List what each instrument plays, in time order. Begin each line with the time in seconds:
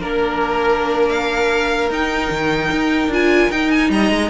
0.00 cello A#3, viola D4, violin A#4
1.09 violin F5
1.90 cello D#4, viola D#4, violin G5
2.30 cello D#3
2.71 cello D#4
3.08 cello D4, viola F4, violin G#5
3.50 cello D#4, viola D#4, violin G5
3.71 violin G#5
3.89 cello G3, violin D#5 A#5
4.09 cello G#3